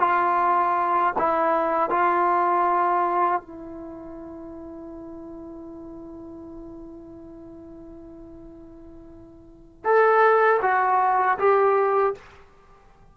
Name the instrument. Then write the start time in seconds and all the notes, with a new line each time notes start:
trombone
0.00 F4
1.19 E4
1.90 F4
3.41 E4
9.85 A4
10.62 F#4
11.39 G4